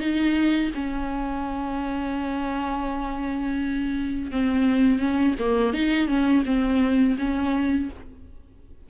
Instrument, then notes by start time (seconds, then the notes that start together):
viola
0.00 D#4
0.75 C#4
4.32 C4
4.99 C#4
5.39 A#3
5.73 D#4
6.08 C#4
6.46 C4
7.18 C#4